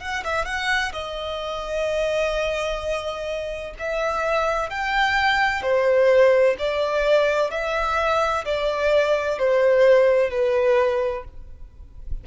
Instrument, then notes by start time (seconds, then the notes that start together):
violin
0.00 F#5
0.24 E5
0.45 F#5
0.93 D#5
3.79 E5
4.70 G5
5.62 C5
6.59 D5
7.51 E5
8.45 D5
9.38 C5
10.30 B4